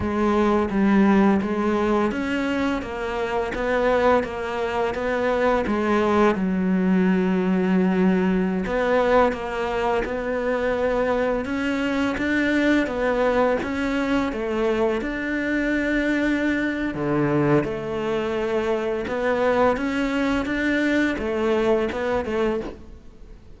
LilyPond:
\new Staff \with { instrumentName = "cello" } { \time 4/4 \tempo 4 = 85 gis4 g4 gis4 cis'4 | ais4 b4 ais4 b4 | gis4 fis2.~ | fis16 b4 ais4 b4.~ b16~ |
b16 cis'4 d'4 b4 cis'8.~ | cis'16 a4 d'2~ d'8. | d4 a2 b4 | cis'4 d'4 a4 b8 a8 | }